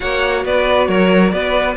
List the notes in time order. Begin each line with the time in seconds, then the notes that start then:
0.00 A#3 F#4 C#5 F#5
0.44 B3 B4 D5
0.88 F#3 A#4 C#5
1.31 B3 B4 D5